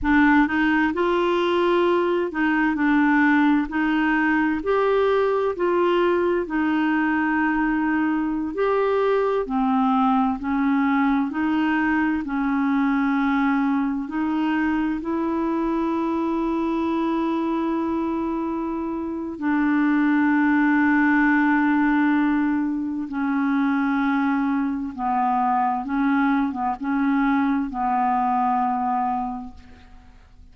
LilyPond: \new Staff \with { instrumentName = "clarinet" } { \time 4/4 \tempo 4 = 65 d'8 dis'8 f'4. dis'8 d'4 | dis'4 g'4 f'4 dis'4~ | dis'4~ dis'16 g'4 c'4 cis'8.~ | cis'16 dis'4 cis'2 dis'8.~ |
dis'16 e'2.~ e'8.~ | e'4 d'2.~ | d'4 cis'2 b4 | cis'8. b16 cis'4 b2 | }